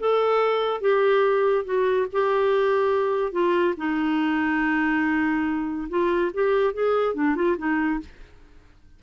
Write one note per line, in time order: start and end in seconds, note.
0.00 0.81 A4
0.81 1.65 G4
1.65 2.07 F#4
2.13 3.32 G4
3.32 3.75 F4
3.78 5.89 D#4
5.90 6.32 F4
6.34 6.74 G4
6.74 7.15 G#4
7.15 7.36 D4
7.36 7.57 F4
7.58 8.00 D#4